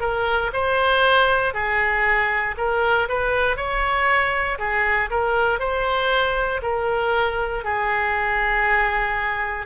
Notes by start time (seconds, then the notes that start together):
0.00 A#4
0.53 C5
1.54 G#4
2.57 A#4
3.09 B4
3.56 C#5
4.59 G#4
5.10 A#4
5.59 C5
6.62 A#4
7.65 G#4